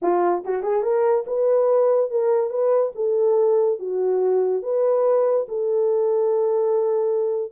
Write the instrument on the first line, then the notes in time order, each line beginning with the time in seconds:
horn
0.02 F4
0.44 F#4
0.62 G#4
0.83 A#4
1.26 B4
2.10 A#4
2.50 B4
2.95 A4
3.79 F#4
4.62 B4
5.48 A4